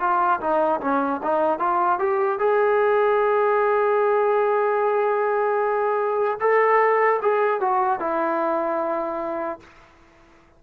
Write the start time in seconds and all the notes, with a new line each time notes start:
0.00 F4
0.41 D#4
0.81 C#4
1.23 D#4
1.59 F4
2.00 G4
2.39 G#4
6.40 A4
7.22 G#4
7.61 F#4
8.00 E4